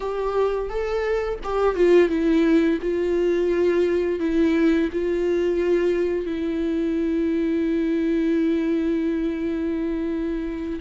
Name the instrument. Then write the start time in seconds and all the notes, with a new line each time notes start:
viola
0.00 G4
0.69 A4
1.43 G4
1.75 F4
2.09 E4
2.81 F4
4.19 E4
4.92 F4
6.26 E4